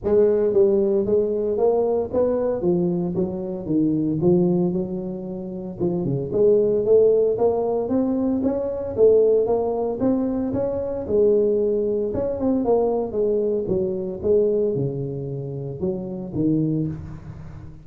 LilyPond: \new Staff \with { instrumentName = "tuba" } { \time 4/4 \tempo 4 = 114 gis4 g4 gis4 ais4 | b4 f4 fis4 dis4 | f4 fis2 f8 cis8 | gis4 a4 ais4 c'4 |
cis'4 a4 ais4 c'4 | cis'4 gis2 cis'8 c'8 | ais4 gis4 fis4 gis4 | cis2 fis4 dis4 | }